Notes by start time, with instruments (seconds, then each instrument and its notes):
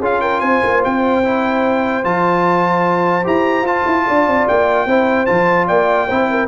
0.00 tuba C#4, trombone F4, horn G#4, trumpet F5
0.21 horn A#4, trumpet G5
0.41 tuba C4, horn C5, trumpet G#5
0.64 tuba A#3
0.85 tuba C4, trumpet G5
1.25 trombone E4
2.04 tuba F3, trombone F4, trumpet A5
3.24 tuba E4, trombone G4, trumpet A#5
3.63 tuba F4, trombone F4, trumpet A5
3.86 tuba E4
4.07 tuba D4, horn D5
4.27 tuba C4
4.48 tuba A#3, trumpet G5
4.86 tuba C4, trombone E4, horn C5
5.26 tuba F3, trombone F4, trumpet A5
5.68 tuba A#3, horn D5, trumpet G5
6.08 tuba C4, trombone E4, horn C5
6.31 horn A#4